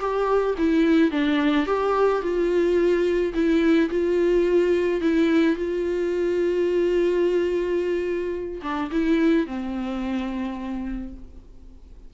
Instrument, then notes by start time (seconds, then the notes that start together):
viola
0.00 G4
0.58 E4
1.12 D4
1.67 G4
2.22 F4
3.34 E4
3.90 F4
5.01 E4
5.56 F4
8.63 D4
8.92 E4
9.47 C4